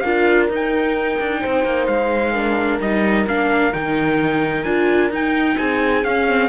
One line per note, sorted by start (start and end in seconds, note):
0.00 0.49 D4
0.00 0.51 F4
0.00 1.41 A#4
0.00 0.46 F5
0.49 1.19 D#4
0.49 2.35 D#4
0.55 1.87 G5
1.20 1.43 D4
1.41 1.65 C4
1.41 2.33 C5
1.65 1.88 A#3
1.87 2.80 G#3
1.87 2.80 F5
2.33 2.81 D4
2.33 5.57 A#4
2.81 3.27 G3
2.81 3.27 D#4
2.81 3.27 D#5
3.27 3.73 A#3
3.27 3.73 D4
3.27 3.73 F5
3.73 4.65 D#3
3.73 4.65 D#4
3.73 4.63 G5
4.63 5.11 D4
4.63 5.12 F4
4.63 5.10 G#5
5.11 5.57 D#4
5.11 6.05 D#4
5.11 5.58 G5
5.58 6.04 C4
5.58 6.50 G#4
5.58 6.04 G#5
6.04 6.50 C#4
6.04 6.28 C#4
6.04 6.50 F5
6.28 6.50 C4